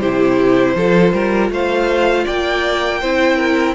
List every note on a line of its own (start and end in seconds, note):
0.00 0.75 C3
0.00 0.77 E4
0.00 0.75 G4
0.00 1.51 C5
0.75 1.12 F3
0.75 3.02 F4
0.75 1.14 A4
1.13 1.50 G3
1.13 1.52 A#4
1.50 2.25 A3
1.50 2.25 C5
1.50 2.27 F5
2.25 3.03 A#3
2.25 3.00 D5
2.25 3.75 G5
3.01 3.75 C4
3.01 3.75 E4
3.01 3.37 C5
3.37 3.75 A#4